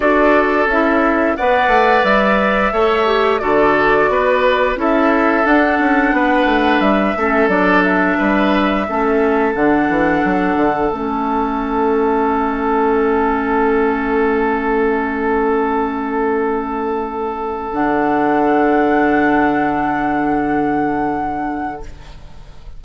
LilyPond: <<
  \new Staff \with { instrumentName = "flute" } { \time 4/4 \tempo 4 = 88 d''4 e''4 fis''4 e''4~ | e''4 d''2 e''4 | fis''2 e''4 d''8 e''8~ | e''2 fis''2 |
e''1~ | e''1~ | e''2 fis''2~ | fis''1 | }
  \new Staff \with { instrumentName = "oboe" } { \time 4/4 a'2 d''2 | cis''4 a'4 b'4 a'4~ | a'4 b'4. a'4. | b'4 a'2.~ |
a'1~ | a'1~ | a'1~ | a'1 | }
  \new Staff \with { instrumentName = "clarinet" } { \time 4/4 fis'4 e'4 b'2 | a'8 g'8 fis'2 e'4 | d'2~ d'8 cis'8 d'4~ | d'4 cis'4 d'2 |
cis'1~ | cis'1~ | cis'2 d'2~ | d'1 | }
  \new Staff \with { instrumentName = "bassoon" } { \time 4/4 d'4 cis'4 b8 a8 g4 | a4 d4 b4 cis'4 | d'8 cis'8 b8 a8 g8 a8 fis4 | g4 a4 d8 e8 fis8 d8 |
a1~ | a1~ | a2 d2~ | d1 | }
>>